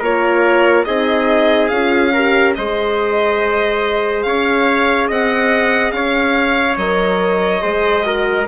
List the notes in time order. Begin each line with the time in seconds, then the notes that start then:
0.00 A#3 F4 A#4 C#5
0.85 C4 D#4 G#4 D#5
1.68 C#4 F4 F5
2.13 G4 A#4
2.55 G#3 G#4 C5 D#5
4.23 C#4 C#5 F5
5.08 C4 D#5 F#5
5.91 C#4 C#5 F5
6.77 F#3 A#4 D#5
7.61 G#3 G#4 C5
8.04 F#4 A#4